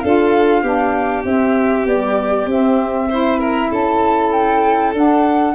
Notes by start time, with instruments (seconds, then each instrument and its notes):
0.00 tuba D4, saxophone F4, violin A4, flute F5
0.62 tuba B3, saxophone D4, violin G4
1.24 tuba C4, saxophone C4, flute E5
1.85 saxophone G3, tuba B3, flute D5
2.45 tuba C4, saxophone C4, flute E5
3.09 saxophone E4, violin C5
3.39 violin A#4
3.70 tuba C#4, violin A4, flute A5
4.32 flute G5
4.93 tuba D4, saxophone D4, flute F#5